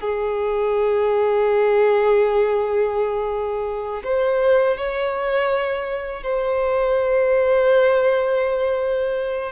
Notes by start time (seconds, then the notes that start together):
0.00 G#4
4.03 C5
4.77 C#5
6.23 C5